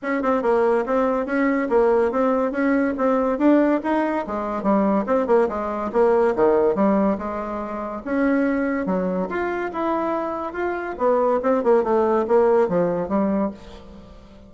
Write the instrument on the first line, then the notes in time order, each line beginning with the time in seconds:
bassoon
0.02 C#4
0.22 C4
0.42 A#3
0.86 C4
1.26 C#4
1.69 A#3
2.11 C4
2.51 C#4
2.97 C4
3.38 D4
3.83 D#4
4.26 G#3
4.62 G3
5.06 C4
5.27 A#3
5.48 G#3
5.92 A#3
6.35 D#3
6.75 G3
7.17 G#3
8.04 C#4
8.86 F#3
9.29 F4
9.72 E4
10.53 F4
10.98 B3
11.42 C4
11.63 A#3
11.83 A3
12.27 A#3
12.68 F3
13.08 G3